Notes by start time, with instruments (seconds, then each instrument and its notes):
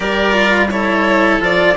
0.00 bassoon G3, cello G4, oboe A#4, violin D5
0.33 cello F4
0.70 cello E4, oboe A4, violin C#5
1.40 bassoon F3, cello F4, violin D5